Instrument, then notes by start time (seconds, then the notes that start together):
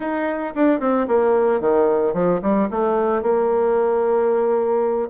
bassoon
0.00 D#4
0.55 D4
0.80 C4
1.07 A#3
1.60 D#3
2.13 F3
2.42 G3
2.70 A3
3.22 A#3